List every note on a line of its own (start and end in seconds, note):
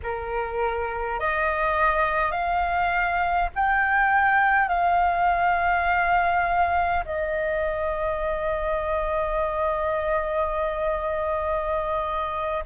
0.02 1.19 A#4
1.19 2.32 D#5
2.32 3.49 F5
3.55 4.68 G5
4.68 7.03 F5
7.05 12.64 D#5